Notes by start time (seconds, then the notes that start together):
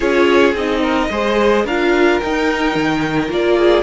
0.00 C#4 F4 G#4 C#5
0.54 C4 D#4 D#5
0.81 A#4
1.10 G#3 G#4 C5
1.64 D4 F4 A#4 F5
2.20 D#4 G5
2.75 D#3
3.29 A#3 F4 D5
3.57 G#4